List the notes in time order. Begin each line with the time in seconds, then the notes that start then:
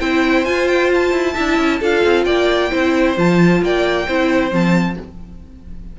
0.00 C4 E4 C5 G5
0.45 F4 G#5
0.68 G5
0.95 A5
1.12 E4
1.34 D4 E4 E5
1.58 C#4
1.79 D4 F4 A4 F5
2.05 C4
2.25 A#3 D5 G5
2.71 C4 E4 C5
3.17 F3 F4 A5
3.62 A#3 D5 G5
4.07 C4 E4 C5
4.51 F3 C4 A5